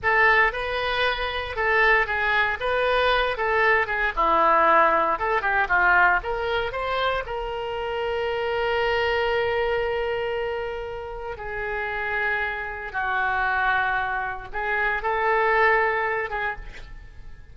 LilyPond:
\new Staff \with { instrumentName = "oboe" } { \time 4/4 \tempo 4 = 116 a'4 b'2 a'4 | gis'4 b'4. a'4 gis'8 | e'2 a'8 g'8 f'4 | ais'4 c''4 ais'2~ |
ais'1~ | ais'2 gis'2~ | gis'4 fis'2. | gis'4 a'2~ a'8 gis'8 | }